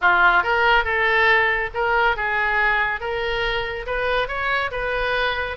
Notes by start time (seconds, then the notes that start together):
0.01 F4
0.43 A#4
0.84 A4
1.74 A#4
2.16 G#4
3.00 A#4
3.86 B4
4.27 C#5
4.71 B4